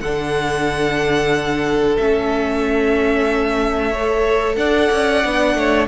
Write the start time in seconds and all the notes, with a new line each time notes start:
0.00 D3 D4 A4 F#5
1.97 A3 C#4 E5
3.90 A4 C#5
4.55 D4 D5 F#5
4.92 C#4
5.24 B3 D4
5.54 A3 C#5